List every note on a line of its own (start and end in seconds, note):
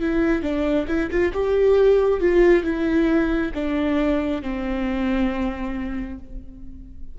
0.00 0.42 E4
0.42 0.86 D4
0.87 1.09 E4
1.10 1.32 F4
1.33 2.20 G4
2.20 2.63 F4
2.63 3.51 E4
3.54 4.42 D4
4.42 6.18 C4